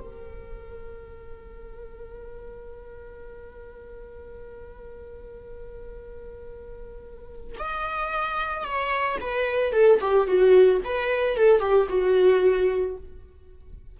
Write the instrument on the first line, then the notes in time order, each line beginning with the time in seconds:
viola
0.00 A#4
7.59 D#5
8.65 C#5
9.21 B4
9.73 A4
10.01 G4
10.28 F#4
10.85 B4
11.37 A4
11.60 G4
11.89 F#4